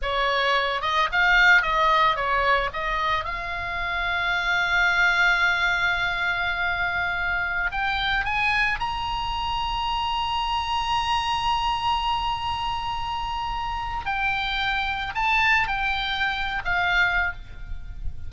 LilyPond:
\new Staff \with { instrumentName = "oboe" } { \time 4/4 \tempo 4 = 111 cis''4. dis''8 f''4 dis''4 | cis''4 dis''4 f''2~ | f''1~ | f''2~ f''16 g''4 gis''8.~ |
gis''16 ais''2.~ ais''8.~ | ais''1~ | ais''2 g''2 | a''4 g''4.~ g''16 f''4~ f''16 | }